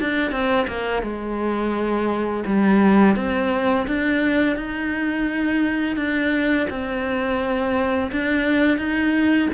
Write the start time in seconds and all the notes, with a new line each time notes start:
0.00 D4
0.31 C4
0.67 A#3
1.02 G#3
2.46 G3
3.16 C4
3.87 D4
4.56 D#4
5.96 D4
6.70 C4
8.12 D4
8.78 D#4